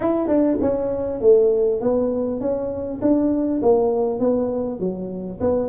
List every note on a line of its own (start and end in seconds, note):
0.00 0.27 E4
0.27 0.57 D4
0.61 1.20 C#4
1.20 1.80 A3
1.81 2.40 B3
2.40 3.00 C#4
3.01 3.61 D4
3.62 4.19 A#3
4.19 4.79 B3
4.79 5.39 F#3
5.40 5.69 B3